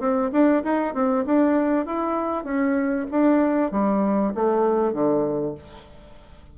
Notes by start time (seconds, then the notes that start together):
0.00 C4
0.32 D4
0.64 D#4
0.94 C4
1.26 D4
1.86 E4
2.44 C#4
3.11 D4
3.72 G3
4.35 A3
4.93 D3